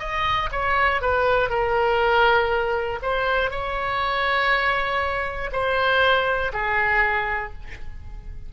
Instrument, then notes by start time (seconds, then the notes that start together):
oboe
0.00 D#5
0.52 C#5
1.02 B4
1.50 A#4
3.03 C5
3.51 C#5
5.52 C5
6.53 G#4